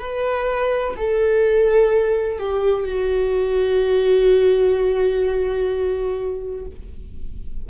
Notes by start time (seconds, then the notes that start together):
0.00 B4
0.97 A4
2.39 G4
2.85 F#4